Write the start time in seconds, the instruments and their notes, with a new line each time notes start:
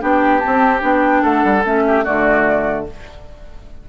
0.00 bassoon B3, clarinet D4, oboe G4, flute G5
0.39 clarinet C4, flute A5
0.46 bassoon C4
0.80 bassoon B3, clarinet D4, flute G5
1.22 bassoon A3, oboe A4, flute F#5
1.44 bassoon G3
1.64 bassoon A3, clarinet C#4, flute E5
1.87 oboe G4
2.04 bassoon D3, clarinet A3, oboe F#4, flute D5